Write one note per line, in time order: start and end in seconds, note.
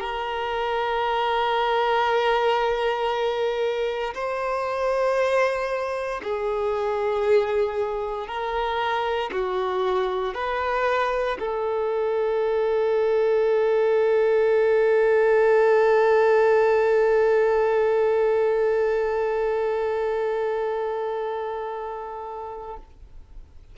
0.00 4.14 A#4
4.14 6.21 C5
6.23 8.28 G#4
8.28 9.31 A#4
9.32 10.34 F#4
10.34 11.38 B4
11.39 22.77 A4